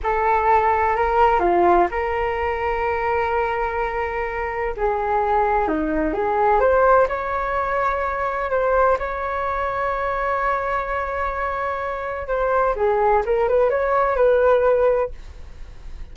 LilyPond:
\new Staff \with { instrumentName = "flute" } { \time 4/4 \tempo 4 = 127 a'2 ais'4 f'4 | ais'1~ | ais'2 gis'2 | dis'4 gis'4 c''4 cis''4~ |
cis''2 c''4 cis''4~ | cis''1~ | cis''2 c''4 gis'4 | ais'8 b'8 cis''4 b'2 | }